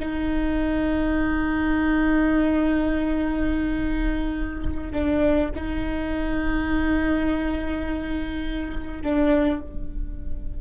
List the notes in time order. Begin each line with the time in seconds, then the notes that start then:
0.00 D#4
4.92 D4
5.56 D#4
9.03 D4